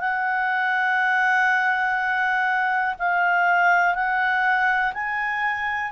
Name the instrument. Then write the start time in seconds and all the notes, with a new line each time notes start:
clarinet
0.00 F#5
2.99 F5
3.94 F#5
4.94 G#5